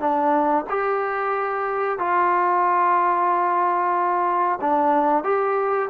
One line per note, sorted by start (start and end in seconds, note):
0.00 0.65 D4
0.69 1.99 G4
1.99 4.59 F4
4.61 5.24 D4
5.24 5.89 G4